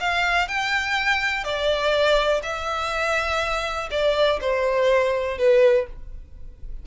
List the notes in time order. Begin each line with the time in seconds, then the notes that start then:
0.00 F5
0.48 G5
1.44 D5
2.43 E5
3.91 D5
4.41 C5
5.38 B4